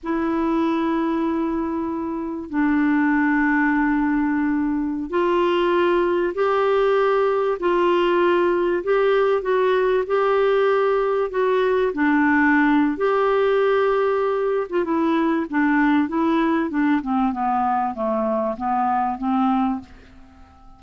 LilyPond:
\new Staff \with { instrumentName = "clarinet" } { \time 4/4 \tempo 4 = 97 e'1 | d'1~ | d'16 f'2 g'4.~ g'16~ | g'16 f'2 g'4 fis'8.~ |
fis'16 g'2 fis'4 d'8.~ | d'4 g'2~ g'8. f'16 | e'4 d'4 e'4 d'8 c'8 | b4 a4 b4 c'4 | }